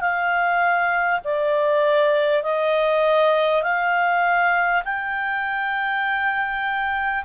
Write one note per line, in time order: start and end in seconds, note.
0.00 1.20 F5
1.24 2.43 D5
2.43 3.63 D#5
3.63 4.83 F5
4.84 7.24 G5